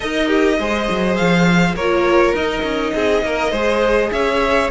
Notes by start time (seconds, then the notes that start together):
0.00 D#4 A#4 D#5
0.27 G4
0.58 G#3 G#4 C5
0.89 F#3
1.16 F3 F5
1.75 A#3 F4 A#4 C#5
2.33 D#4 D#5
2.63 C#4
2.94 C4 G#4
3.22 A#3 A#4
3.51 G#3 G#4 C5
4.12 C#4 C#5 E5